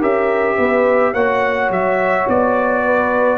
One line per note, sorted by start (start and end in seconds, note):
0.00 0.58 C#4
0.00 1.15 G4
0.00 0.57 A#4
0.00 1.14 E5
0.57 1.14 B3
0.57 1.14 B4
1.14 1.70 A#3
1.14 3.38 F#4
1.14 2.83 C#5
1.14 1.71 F#5
1.70 2.27 F#3
1.70 2.29 E5
2.28 3.38 B3
2.28 3.38 D5
2.85 3.38 B4